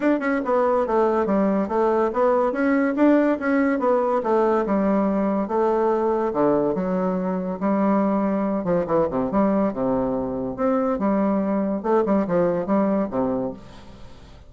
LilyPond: \new Staff \with { instrumentName = "bassoon" } { \time 4/4 \tempo 4 = 142 d'8 cis'8 b4 a4 g4 | a4 b4 cis'4 d'4 | cis'4 b4 a4 g4~ | g4 a2 d4 |
fis2 g2~ | g8 f8 e8 c8 g4 c4~ | c4 c'4 g2 | a8 g8 f4 g4 c4 | }